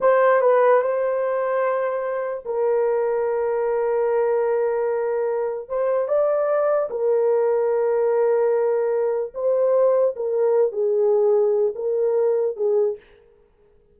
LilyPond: \new Staff \with { instrumentName = "horn" } { \time 4/4 \tempo 4 = 148 c''4 b'4 c''2~ | c''2 ais'2~ | ais'1~ | ais'2 c''4 d''4~ |
d''4 ais'2.~ | ais'2. c''4~ | c''4 ais'4. gis'4.~ | gis'4 ais'2 gis'4 | }